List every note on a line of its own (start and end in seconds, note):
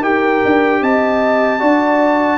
0.00 0.40 D#4
0.00 1.59 G4
0.00 0.80 A#4
0.00 0.83 G5
0.45 0.81 D4
0.81 1.61 C4
0.81 1.60 D#5
0.81 2.38 A5
1.59 2.38 D4
1.59 2.38 F#4
1.59 2.38 D5